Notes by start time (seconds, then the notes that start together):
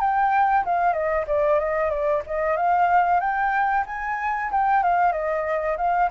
0.00 G5
0.65 F5
0.93 D#5
1.27 D5
1.59 D#5
1.90 D5
2.26 D#5
2.56 F5
3.20 G5
3.86 G#5
4.51 G5
4.83 F5
5.12 D#5
5.77 F5